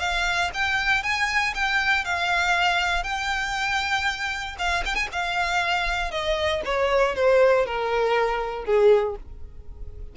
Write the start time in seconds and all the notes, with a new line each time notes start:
0.00 F5
0.54 G5
1.03 G#5
1.55 G5
2.05 F5
3.04 G5
4.59 F5
4.86 G5
4.95 G#5
5.13 F5
6.12 D#5
6.65 C#5
7.16 C5
7.66 A#4
8.66 G#4